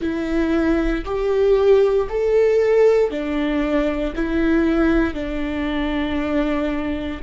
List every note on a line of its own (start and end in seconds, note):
0.00 1.04 E4
1.04 2.08 G4
2.09 3.10 A4
3.10 4.13 D4
4.15 5.13 E4
5.13 7.20 D4